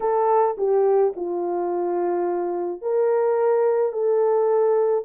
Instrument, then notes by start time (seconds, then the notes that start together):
horn
0.00 A4
0.57 G4
1.15 F4
2.81 A#4
3.92 A4